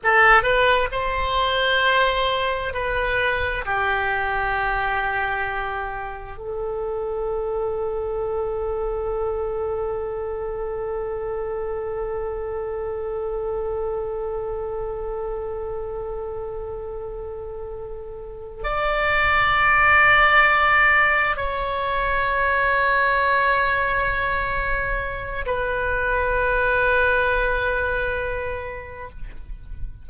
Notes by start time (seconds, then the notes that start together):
0.03 A4
0.43 B4
0.91 C5
2.73 B4
3.65 G4
6.37 A4
18.63 D5
21.36 C#5
25.45 B4